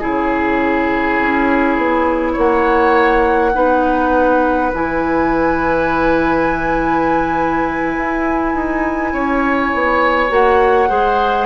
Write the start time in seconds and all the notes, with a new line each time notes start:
0.00 C#3 E4 G#4 C#5
1.20 C#4
1.77 B3
2.33 A#3 C#5 F#5
3.54 B3 D#4 B4
4.74 E3 E4 G#5
7.97 E4
8.54 D#4
9.13 C#4 C#5
9.74 B3
10.30 A#3 F#4 F#5
10.88 G#3 G#4 C5